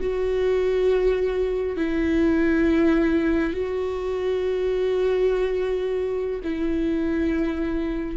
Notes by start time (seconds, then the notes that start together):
0.00 F#4
1.76 E4
3.53 F#4
6.43 E4